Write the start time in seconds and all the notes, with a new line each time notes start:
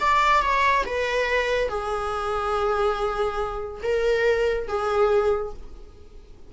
0.00 D5
0.42 C#5
0.86 B4
1.69 G#4
3.83 A#4
4.68 G#4